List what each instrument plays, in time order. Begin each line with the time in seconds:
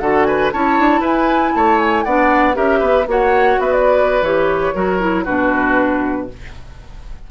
0.00 bassoon D3, clarinet F#4, oboe A4, flute F#5
0.24 oboe B4, flute G#5
0.52 bassoon C#4, clarinet E4, oboe C#5, flute A5
0.79 bassoon D4
1.00 bassoon E4, oboe B4, flute G#5
1.55 bassoon A3, oboe C#5, flute A5
1.79 flute G#5
2.05 bassoon B3, clarinet D4, oboe D5, flute F#5
2.54 bassoon C#4, clarinet G4, oboe A#4, flute E5
2.79 bassoon B3, oboe B4
3.07 bassoon A#3, clarinet F#4, oboe C#5, flute F#5
3.59 bassoon B3, oboe B4, flute E5
3.73 flute D5
4.22 bassoon E3, clarinet G4, flute C#5
4.75 bassoon F#3, clarinet F#4, oboe A#4
5.00 clarinet E4
5.24 bassoon B2, clarinet D4, oboe F#4, flute B4